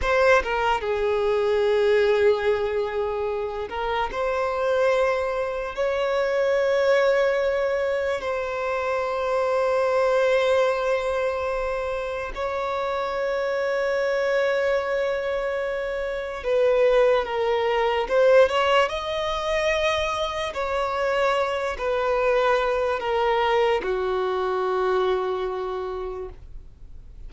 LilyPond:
\new Staff \with { instrumentName = "violin" } { \time 4/4 \tempo 4 = 73 c''8 ais'8 gis'2.~ | gis'8 ais'8 c''2 cis''4~ | cis''2 c''2~ | c''2. cis''4~ |
cis''1 | b'4 ais'4 c''8 cis''8 dis''4~ | dis''4 cis''4. b'4. | ais'4 fis'2. | }